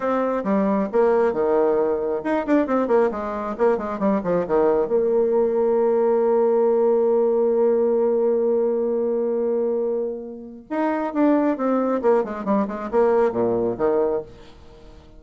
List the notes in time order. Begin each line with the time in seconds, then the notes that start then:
0.00 C4
0.44 G3
0.92 A#3
1.32 D#3
2.23 D#4
2.46 D4
2.66 C4
2.87 A#3
3.11 G#3
3.58 A#3
3.77 G#3
3.99 G3
4.23 F3
4.47 D#3
4.87 A#3
10.69 D#4
11.13 D4
11.57 C4
12.02 A#3
12.24 G#3
12.44 G3
12.67 G#3
12.91 A#3
13.32 A#2
13.77 D#3